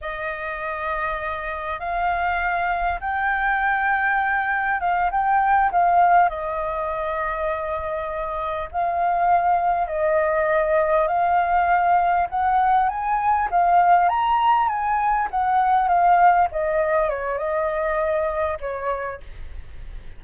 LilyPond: \new Staff \with { instrumentName = "flute" } { \time 4/4 \tempo 4 = 100 dis''2. f''4~ | f''4 g''2. | f''8 g''4 f''4 dis''4.~ | dis''2~ dis''8 f''4.~ |
f''8 dis''2 f''4.~ | f''8 fis''4 gis''4 f''4 ais''8~ | ais''8 gis''4 fis''4 f''4 dis''8~ | dis''8 cis''8 dis''2 cis''4 | }